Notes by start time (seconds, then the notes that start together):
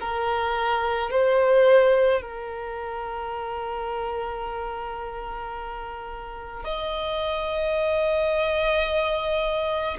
0.00 A#4
1.11 C5
2.21 A#4
6.64 D#5